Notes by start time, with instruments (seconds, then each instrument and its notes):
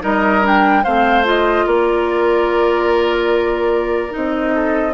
0.00 bassoon G3, clarinet D#4, oboe A#4, flute D#5
0.42 clarinet D4, flute G5
0.83 bassoon A3, clarinet C4, oboe C5, flute F5
1.24 clarinet F4, flute D#5
1.66 bassoon A#3, oboe A#4, flute D5
4.10 bassoon C4, clarinet D#4, flute D#5
4.54 oboe A4